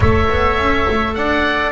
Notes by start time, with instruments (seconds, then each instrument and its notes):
0.00 double bass A3, clarinet A4, trumpet C#5, oboe E5
0.29 double bass B3
0.58 double bass C#4
0.89 double bass A3
1.14 double bass D4, trumpet D5, oboe F#5